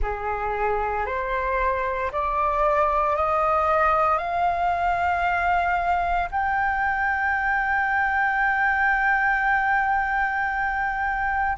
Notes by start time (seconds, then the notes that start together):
0.01 G#4
1.05 C5
2.11 D5
3.16 D#5
4.18 F5
6.31 G5